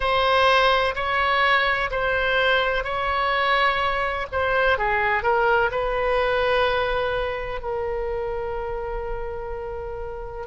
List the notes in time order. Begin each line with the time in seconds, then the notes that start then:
0.00 C5
0.95 C#5
1.90 C5
2.84 C#5
4.32 C5
4.78 G#4
5.23 A#4
5.71 B4
7.61 A#4